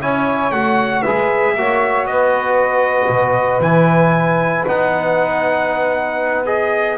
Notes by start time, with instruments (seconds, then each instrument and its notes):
0.00 double bass C#4, trombone E4, saxophone C#5, trumpet G#5
0.51 double bass A3, trombone F#4, trumpet F#5
1.02 double bass G#3, trombone G#4, saxophone B4, trumpet E5
1.55 double bass A#3, trombone F#4, saxophone C#5
2.05 double bass B3, saxophone B4, trumpet D#5
3.09 double bass B2
3.60 double bass E3, trombone E4, trumpet G#5
4.67 double bass B3, trombone D#4, trumpet F#5
6.45 trombone G#4, trumpet D#5